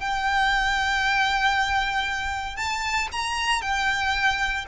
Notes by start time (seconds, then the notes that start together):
0.00 G5
2.56 A5
3.12 A#5
3.61 G5